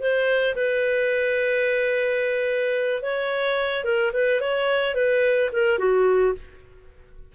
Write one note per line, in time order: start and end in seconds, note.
0.00 0.55 C5
0.55 3.03 B4
3.03 3.84 C#5
3.84 4.12 A#4
4.13 4.41 B4
4.41 4.95 C#5
4.95 5.50 B4
5.53 5.79 A#4
5.79 6.34 F#4